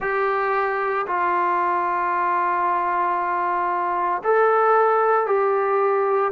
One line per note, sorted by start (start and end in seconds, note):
0.00 1.05 G4
1.06 4.22 F4
4.23 5.26 A4
5.26 6.32 G4